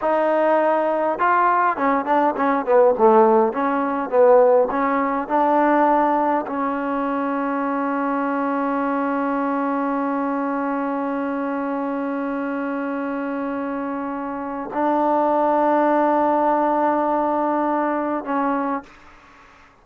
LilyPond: \new Staff \with { instrumentName = "trombone" } { \time 4/4 \tempo 4 = 102 dis'2 f'4 cis'8 d'8 | cis'8 b8 a4 cis'4 b4 | cis'4 d'2 cis'4~ | cis'1~ |
cis'1~ | cis'1~ | cis'4 d'2.~ | d'2. cis'4 | }